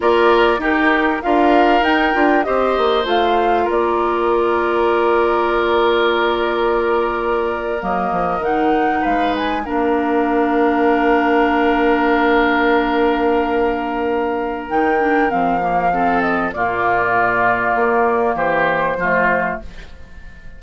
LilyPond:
<<
  \new Staff \with { instrumentName = "flute" } { \time 4/4 \tempo 4 = 98 d''4 ais'4 f''4 g''4 | dis''4 f''4 d''2~ | d''1~ | d''8. dis''4 fis''4 f''8 gis''8 f''16~ |
f''1~ | f''1 | g''4 f''4. dis''8 d''4~ | d''2 c''2 | }
  \new Staff \with { instrumentName = "oboe" } { \time 4/4 ais'4 g'4 ais'2 | c''2 ais'2~ | ais'1~ | ais'2~ ais'8. b'4 ais'16~ |
ais'1~ | ais'1~ | ais'2 a'4 f'4~ | f'2 g'4 f'4 | }
  \new Staff \with { instrumentName = "clarinet" } { \time 4/4 f'4 dis'4 f'4 dis'8 f'8 | g'4 f'2.~ | f'1~ | f'8. ais4 dis'2 d'16~ |
d'1~ | d'1 | dis'8 d'8 c'8 ais8 c'4 ais4~ | ais2. a4 | }
  \new Staff \with { instrumentName = "bassoon" } { \time 4/4 ais4 dis'4 d'4 dis'8 d'8 | c'8 ais8 a4 ais2~ | ais1~ | ais8. fis8 f8 dis4 gis4 ais16~ |
ais1~ | ais1 | dis4 f2 ais,4~ | ais,4 ais4 e4 f4 | }
>>